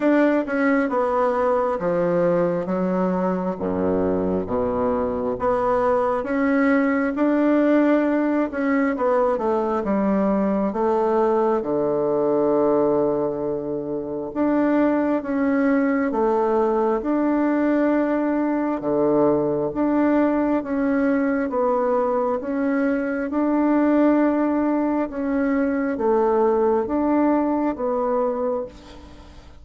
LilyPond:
\new Staff \with { instrumentName = "bassoon" } { \time 4/4 \tempo 4 = 67 d'8 cis'8 b4 f4 fis4 | fis,4 b,4 b4 cis'4 | d'4. cis'8 b8 a8 g4 | a4 d2. |
d'4 cis'4 a4 d'4~ | d'4 d4 d'4 cis'4 | b4 cis'4 d'2 | cis'4 a4 d'4 b4 | }